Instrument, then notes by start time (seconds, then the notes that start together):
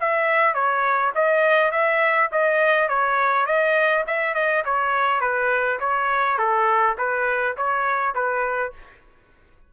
trumpet
0.00 E5
0.54 C#5
1.14 D#5
1.71 E5
2.31 D#5
2.88 C#5
3.46 D#5
4.07 E5
4.34 D#5
4.64 C#5
5.20 B4
5.80 C#5
6.38 A4
6.97 B4
7.57 C#5
8.14 B4